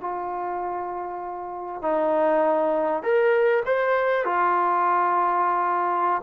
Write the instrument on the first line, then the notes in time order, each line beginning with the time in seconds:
trombone
0.00 F4
1.82 D#4
3.02 A#4
3.65 C5
4.25 F4